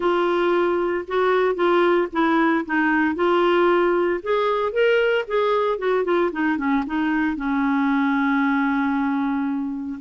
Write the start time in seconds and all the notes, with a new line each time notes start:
0.00 F4
1.07 F#4
1.55 F4
2.12 E4
2.65 D#4
3.15 F4
4.22 G#4
4.72 A#4
5.27 G#4
5.78 F#4
6.04 F4
6.32 D#4
6.57 C#4
6.86 D#4
7.36 C#4